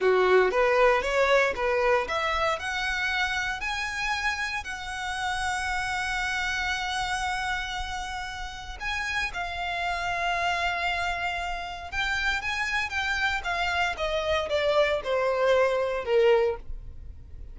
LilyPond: \new Staff \with { instrumentName = "violin" } { \time 4/4 \tempo 4 = 116 fis'4 b'4 cis''4 b'4 | e''4 fis''2 gis''4~ | gis''4 fis''2.~ | fis''1~ |
fis''4 gis''4 f''2~ | f''2. g''4 | gis''4 g''4 f''4 dis''4 | d''4 c''2 ais'4 | }